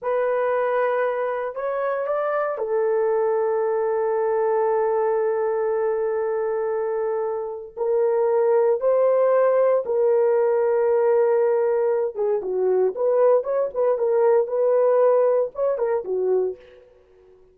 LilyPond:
\new Staff \with { instrumentName = "horn" } { \time 4/4 \tempo 4 = 116 b'2. cis''4 | d''4 a'2.~ | a'1~ | a'2. ais'4~ |
ais'4 c''2 ais'4~ | ais'2.~ ais'8 gis'8 | fis'4 b'4 cis''8 b'8 ais'4 | b'2 cis''8 ais'8 fis'4 | }